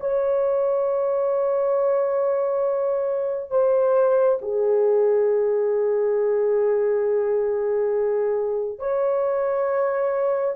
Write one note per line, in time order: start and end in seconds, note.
0.00 3.51 C#5
3.51 4.39 C5
4.42 8.79 G#4
8.79 10.55 C#5